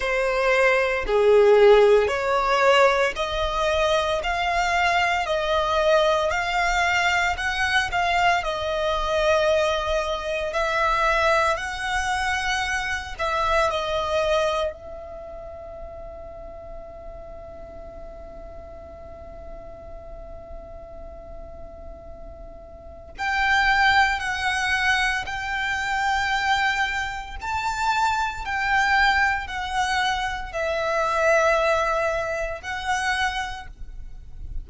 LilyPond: \new Staff \with { instrumentName = "violin" } { \time 4/4 \tempo 4 = 57 c''4 gis'4 cis''4 dis''4 | f''4 dis''4 f''4 fis''8 f''8 | dis''2 e''4 fis''4~ | fis''8 e''8 dis''4 e''2~ |
e''1~ | e''2 g''4 fis''4 | g''2 a''4 g''4 | fis''4 e''2 fis''4 | }